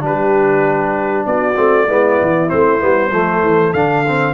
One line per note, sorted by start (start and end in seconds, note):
0.00 1.26 G3
0.00 1.55 D4
0.00 1.26 G4
0.00 1.26 B4
1.26 1.57 B3
1.26 1.87 F#4
1.26 2.50 D5
1.57 1.89 A3
1.57 1.88 C4
1.87 2.20 G#3
1.87 2.48 B3
1.87 3.11 E4
2.21 2.52 E3
2.48 2.83 A3
2.48 2.79 C4
2.48 3.73 C5
2.80 3.12 G3
2.80 3.11 B3
3.12 3.42 F3
3.12 3.75 A3
3.12 4.34 A4
3.42 3.73 E3
3.73 4.34 D3
3.73 4.06 D4
3.73 4.34 F5
4.08 4.34 C4